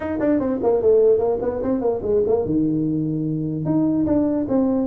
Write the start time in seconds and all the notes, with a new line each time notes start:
0.00 D#4
0.20 D4
0.39 C4
0.63 A#3
0.82 A3
1.18 A#3
1.41 B3
1.62 C4
1.81 A#3
2.02 G#3
2.26 A#3
2.45 D#3
3.65 D#4
4.06 D4
4.48 C4